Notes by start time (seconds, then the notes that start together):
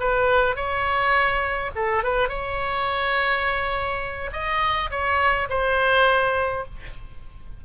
0.00 B4
0.56 C#5
1.76 A4
2.04 B4
2.29 C#5
4.33 D#5
4.91 C#5
5.50 C5